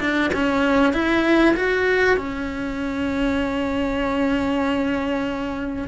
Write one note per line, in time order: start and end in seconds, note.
0.00 0.31 D4
0.33 0.93 C#4
0.93 1.55 E4
1.56 2.17 F#4
2.17 5.88 C#4